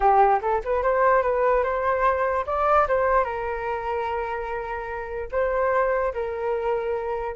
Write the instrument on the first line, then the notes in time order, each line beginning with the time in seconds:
flute
0.00 G4
0.41 A4
0.64 B4
0.82 C5
1.22 B4
1.63 C5
2.46 D5
2.88 C5
3.24 A#4
5.31 C5
6.13 A#4